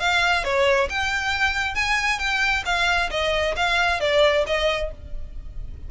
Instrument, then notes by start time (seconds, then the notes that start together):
violin
0.00 F5
0.44 C#5
0.90 G5
1.75 G#5
2.19 G5
2.65 F5
3.11 D#5
3.56 F5
4.00 D5
4.47 D#5